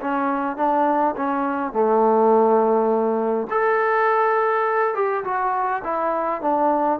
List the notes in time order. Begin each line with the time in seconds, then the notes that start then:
0.00 C#4
0.56 D4
1.16 C#4
1.72 A3
3.50 A4
4.94 G4
5.24 F#4
5.83 E4
6.41 D4